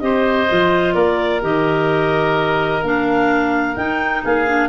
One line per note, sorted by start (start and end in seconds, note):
0.00 0.49 C4
0.00 0.47 G4
0.00 0.95 C5
0.00 0.94 D#5
0.49 0.95 F3
0.49 1.41 F4
0.94 1.42 A#3
0.94 4.23 A#4
0.94 1.41 D5
1.41 2.83 D#3
1.41 2.82 G4
1.41 2.84 D#5
2.83 3.76 A#3
2.83 3.77 D4
2.83 3.76 F5
3.76 4.47 D#4
3.76 4.24 D#4
3.76 4.23 G5
4.24 4.69 A#3
4.24 4.69 G#4
4.24 4.69 F5
4.47 4.69 D4